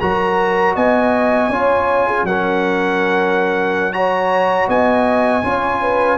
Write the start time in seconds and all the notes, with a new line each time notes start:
0.00 F#3 F#4 A#4 A#5
0.75 B3 D#5 G#5
1.49 C#4 F4 C#5
2.07 G#4
2.23 F#3 C#4 A#4 F#5
3.93 F#4 C#5 A#5
4.68 B3 D#5 G#5
5.43 C#4 F4 C#5
5.82 B4